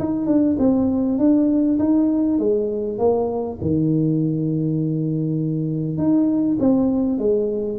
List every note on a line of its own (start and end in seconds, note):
0.00 0.27 D#4
0.27 0.57 D4
0.59 1.19 C4
1.19 1.79 D4
1.79 2.39 D#4
2.39 2.99 G#3
2.99 3.59 A#3
3.62 5.98 D#3
5.98 6.58 D#4
6.60 7.19 C4
7.19 7.79 G#3